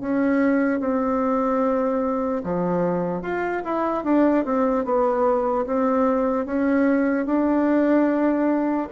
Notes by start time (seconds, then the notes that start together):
0.00 C#4
0.80 C4
2.44 F3
3.22 F4
3.64 E4
4.04 D4
4.44 C4
4.84 B3
5.66 C4
6.45 C#4
7.26 D4